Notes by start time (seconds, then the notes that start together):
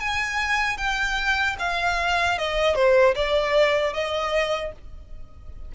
0.00 G#5
0.78 G5
1.59 F5
2.39 D#5
2.75 C5
3.15 D5
3.94 D#5